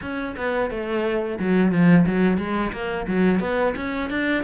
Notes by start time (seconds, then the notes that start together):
0.01 C#4
0.36 B3
0.70 A3
1.39 F#3
1.71 F3
2.06 F#3
2.37 G#3
2.72 A#3
3.07 F#3
3.40 B3
3.76 C#4
4.10 D4